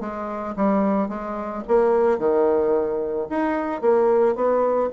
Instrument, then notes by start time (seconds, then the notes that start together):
bassoon
0.00 G#3
0.56 G3
1.08 G#3
1.68 A#3
2.18 D#3
3.30 D#4
3.81 A#3
4.35 B3